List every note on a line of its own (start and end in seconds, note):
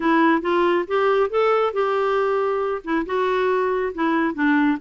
0.00 0.41 E4
0.41 0.85 F4
0.87 1.30 G4
1.30 1.73 A4
1.73 2.81 G4
2.84 3.05 E4
3.06 3.92 F#4
3.94 4.34 E4
4.34 4.77 D4